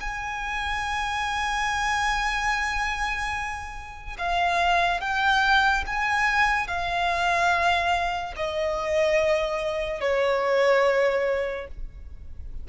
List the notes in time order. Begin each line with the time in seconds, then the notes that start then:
0.00 G#5
4.18 F5
5.00 G5
5.86 G#5
6.67 F5
8.36 D#5
10.00 C#5